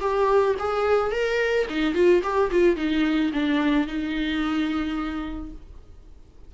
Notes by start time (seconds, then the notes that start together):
0.00 G4
0.59 G#4
1.11 A#4
1.69 D#4
1.94 F4
2.23 G4
2.51 F4
2.76 D#4
3.33 D4
3.87 D#4